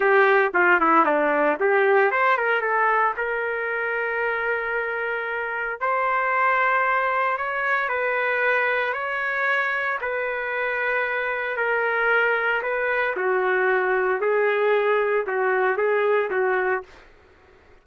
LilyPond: \new Staff \with { instrumentName = "trumpet" } { \time 4/4 \tempo 4 = 114 g'4 f'8 e'8 d'4 g'4 | c''8 ais'8 a'4 ais'2~ | ais'2. c''4~ | c''2 cis''4 b'4~ |
b'4 cis''2 b'4~ | b'2 ais'2 | b'4 fis'2 gis'4~ | gis'4 fis'4 gis'4 fis'4 | }